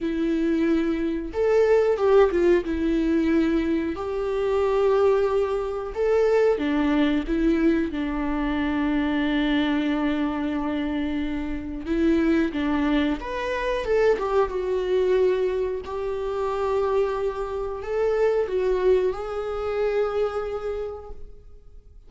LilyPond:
\new Staff \with { instrumentName = "viola" } { \time 4/4 \tempo 4 = 91 e'2 a'4 g'8 f'8 | e'2 g'2~ | g'4 a'4 d'4 e'4 | d'1~ |
d'2 e'4 d'4 | b'4 a'8 g'8 fis'2 | g'2. a'4 | fis'4 gis'2. | }